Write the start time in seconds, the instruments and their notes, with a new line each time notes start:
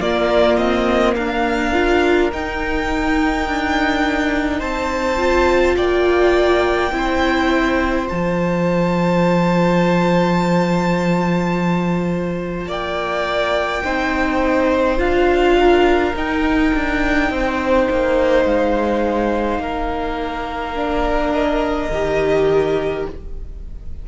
0.00 viola A#3, cello A#3, violin F4 D5
0.56 cello C4, violin D#5
1.14 cello D4, violin A#4 F5
1.73 viola F4
2.31 viola D#4, cello D#4, violin G5
3.46 cello D4
4.59 cello C4, violin C5 A5
5.17 viola F4
5.76 cello A#3, violin D5 G5
6.91 cello C4, viola E4, violin C5
8.06 cello F3, viola F4, violin A5
12.66 cello A#3, violin D5 G5
13.83 cello C4, viola D#4, violin C5
14.98 cello D4, viola F4, violin F5
15.59 violin A#4
16.15 cello D#4, viola D#4, violin G5
16.74 cello D4
17.30 cello C4, violin C5
17.90 cello A#3
18.45 cello G#3, violin F5
19.58 cello A#3, violin A#4
20.75 viola D4
21.32 violin D#5
21.90 cello D#3, viola G4